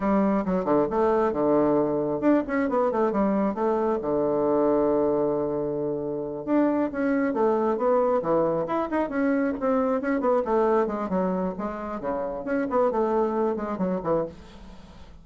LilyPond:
\new Staff \with { instrumentName = "bassoon" } { \time 4/4 \tempo 4 = 135 g4 fis8 d8 a4 d4~ | d4 d'8 cis'8 b8 a8 g4 | a4 d2.~ | d2~ d8 d'4 cis'8~ |
cis'8 a4 b4 e4 e'8 | dis'8 cis'4 c'4 cis'8 b8 a8~ | a8 gis8 fis4 gis4 cis4 | cis'8 b8 a4. gis8 fis8 e8 | }